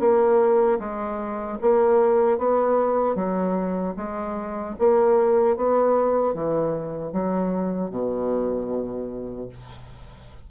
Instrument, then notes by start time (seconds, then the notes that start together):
bassoon
0.00 A#3
0.80 G#3
1.62 A#3
2.39 B3
3.16 F#3
3.97 G#3
4.79 A#3
5.57 B3
6.34 E3
7.13 F#3
7.91 B2